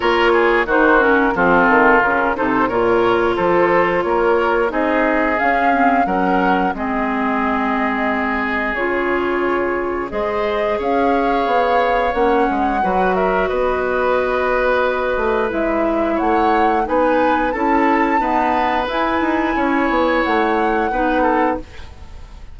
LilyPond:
<<
  \new Staff \with { instrumentName = "flute" } { \time 4/4 \tempo 4 = 89 cis''4 c''8 ais'8 a'4 ais'8 c''8 | cis''4 c''4 cis''4 dis''4 | f''4 fis''4 dis''2~ | dis''4 cis''2 dis''4 |
f''2 fis''4. e''8 | dis''2. e''4 | fis''4 gis''4 a''2 | gis''2 fis''2 | }
  \new Staff \with { instrumentName = "oboe" } { \time 4/4 ais'8 gis'8 fis'4 f'4. a'8 | ais'4 a'4 ais'4 gis'4~ | gis'4 ais'4 gis'2~ | gis'2. c''4 |
cis''2. b'8 ais'8 | b'1 | cis''4 b'4 a'4 b'4~ | b'4 cis''2 b'8 a'8 | }
  \new Staff \with { instrumentName = "clarinet" } { \time 4/4 f'4 dis'8 cis'8 c'4 cis'8 dis'8 | f'2. dis'4 | cis'8 c'8 cis'4 c'2~ | c'4 f'2 gis'4~ |
gis'2 cis'4 fis'4~ | fis'2. e'4~ | e'4 dis'4 e'4 b4 | e'2. dis'4 | }
  \new Staff \with { instrumentName = "bassoon" } { \time 4/4 ais4 dis4 f8 dis8 cis8 c8 | ais,4 f4 ais4 c'4 | cis'4 fis4 gis2~ | gis4 cis2 gis4 |
cis'4 b4 ais8 gis8 fis4 | b2~ b8 a8 gis4 | a4 b4 cis'4 dis'4 | e'8 dis'8 cis'8 b8 a4 b4 | }
>>